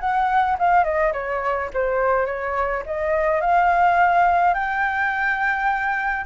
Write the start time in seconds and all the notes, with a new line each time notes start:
0.00 F#5
0.59 F5
0.84 D#5
1.13 C#5
1.74 C5
2.26 C#5
2.86 D#5
3.41 F5
4.54 G5